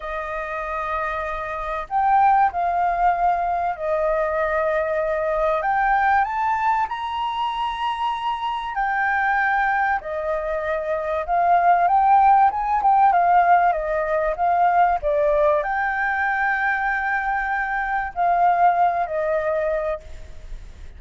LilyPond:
\new Staff \with { instrumentName = "flute" } { \time 4/4 \tempo 4 = 96 dis''2. g''4 | f''2 dis''2~ | dis''4 g''4 a''4 ais''4~ | ais''2 g''2 |
dis''2 f''4 g''4 | gis''8 g''8 f''4 dis''4 f''4 | d''4 g''2.~ | g''4 f''4. dis''4. | }